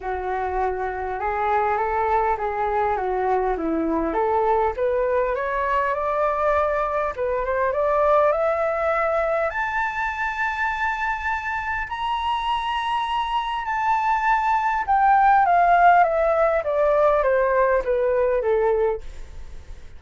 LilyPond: \new Staff \with { instrumentName = "flute" } { \time 4/4 \tempo 4 = 101 fis'2 gis'4 a'4 | gis'4 fis'4 e'4 a'4 | b'4 cis''4 d''2 | b'8 c''8 d''4 e''2 |
a''1 | ais''2. a''4~ | a''4 g''4 f''4 e''4 | d''4 c''4 b'4 a'4 | }